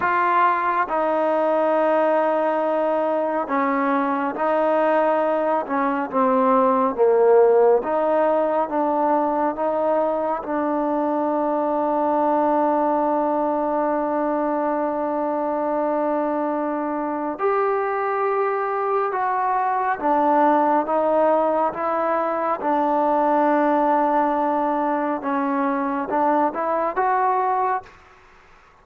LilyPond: \new Staff \with { instrumentName = "trombone" } { \time 4/4 \tempo 4 = 69 f'4 dis'2. | cis'4 dis'4. cis'8 c'4 | ais4 dis'4 d'4 dis'4 | d'1~ |
d'1 | g'2 fis'4 d'4 | dis'4 e'4 d'2~ | d'4 cis'4 d'8 e'8 fis'4 | }